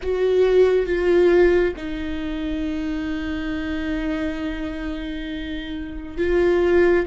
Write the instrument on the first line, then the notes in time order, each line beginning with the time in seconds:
viola
0.02 F#4
0.85 F4
1.76 D#4
6.17 F4